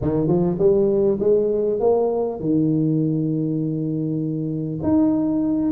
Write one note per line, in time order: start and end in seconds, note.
0.01 0.27 D#3
0.27 0.57 F3
0.58 1.18 G3
1.20 1.79 G#3
1.79 2.39 A#3
2.39 4.79 D#3
4.82 5.71 D#4